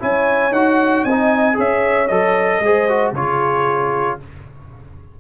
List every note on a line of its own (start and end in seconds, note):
0.00 0.52 C#4
0.00 0.52 E4
0.00 1.04 C#5
0.00 0.53 G#5
0.52 1.04 D#4
0.52 1.08 F#4
0.52 1.04 F#5
1.04 1.57 C4
1.04 1.54 D#4
1.04 1.57 D#5
1.04 1.57 G#5
1.54 2.11 C#4
1.54 2.06 G#4
1.54 2.61 C#5
1.54 2.08 E5
2.08 2.60 F#3
2.08 2.63 A4
2.08 3.12 D#5
2.60 3.12 G#3
2.60 2.89 G#4
2.60 3.14 C5
2.89 3.15 F#4
3.12 4.17 C#3
3.12 4.20 F4
3.12 4.18 G#4
3.12 4.20 C#5